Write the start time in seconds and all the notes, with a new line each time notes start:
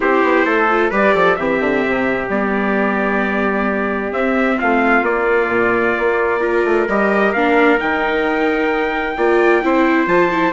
0.00 C4 E4 G4 C5
0.23 B3
0.45 A3 A4
0.70 F4
0.90 G3 G4 B4 D5
1.14 F3 A4
1.36 E3 C4 G4 E5
1.60 D3
1.87 C3
2.28 G3 B3 D5
4.11 C4 E5
4.58 A3 F4 F5
5.02 A#3 D5
5.48 A#2
5.98 A#3
6.41 F4 A#4
6.64 A3
6.88 G3 G4 D#5
7.33 A#3 D4 F5
7.78 D#3 D#4 G5
9.16 A#3 F4 D5
9.62 C4 E4 C5
10.06 F3 F4 A5
10.31 E4